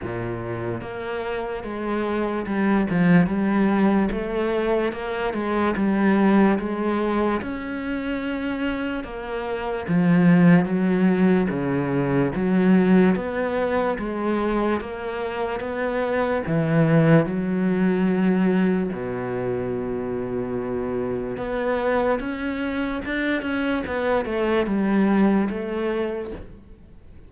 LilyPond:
\new Staff \with { instrumentName = "cello" } { \time 4/4 \tempo 4 = 73 ais,4 ais4 gis4 g8 f8 | g4 a4 ais8 gis8 g4 | gis4 cis'2 ais4 | f4 fis4 cis4 fis4 |
b4 gis4 ais4 b4 | e4 fis2 b,4~ | b,2 b4 cis'4 | d'8 cis'8 b8 a8 g4 a4 | }